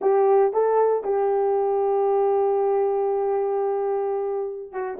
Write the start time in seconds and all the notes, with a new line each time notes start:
0.01 G4
0.53 A4
1.04 G4
4.72 F#4